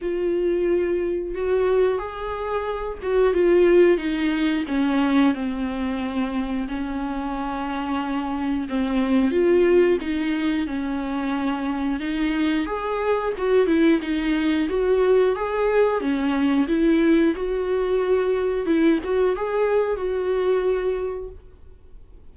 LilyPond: \new Staff \with { instrumentName = "viola" } { \time 4/4 \tempo 4 = 90 f'2 fis'4 gis'4~ | gis'8 fis'8 f'4 dis'4 cis'4 | c'2 cis'2~ | cis'4 c'4 f'4 dis'4 |
cis'2 dis'4 gis'4 | fis'8 e'8 dis'4 fis'4 gis'4 | cis'4 e'4 fis'2 | e'8 fis'8 gis'4 fis'2 | }